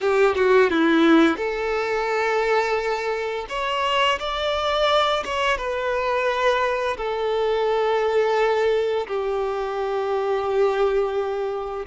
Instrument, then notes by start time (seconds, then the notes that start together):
violin
0.01 G4
0.35 F#4
0.69 E4
1.36 A4
3.49 C#5
4.19 D5
5.25 C#5
5.57 B4
6.97 A4
9.07 G4